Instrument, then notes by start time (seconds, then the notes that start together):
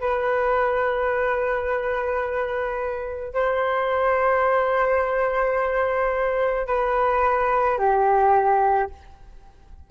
flute
0.00 B4
3.33 C5
6.67 B4
7.78 G4